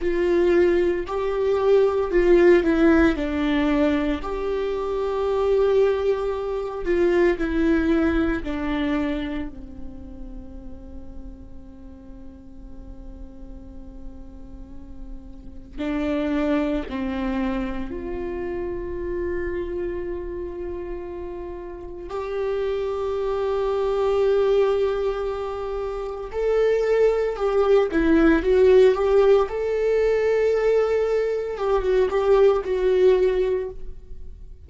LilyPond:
\new Staff \with { instrumentName = "viola" } { \time 4/4 \tempo 4 = 57 f'4 g'4 f'8 e'8 d'4 | g'2~ g'8 f'8 e'4 | d'4 c'2.~ | c'2. d'4 |
c'4 f'2.~ | f'4 g'2.~ | g'4 a'4 g'8 e'8 fis'8 g'8 | a'2 g'16 fis'16 g'8 fis'4 | }